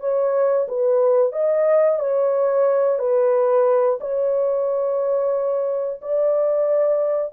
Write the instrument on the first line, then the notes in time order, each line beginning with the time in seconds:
horn
0.00 C#5
0.68 B4
1.32 D#5
1.99 C#5
2.98 B4
4.00 C#5
6.01 D5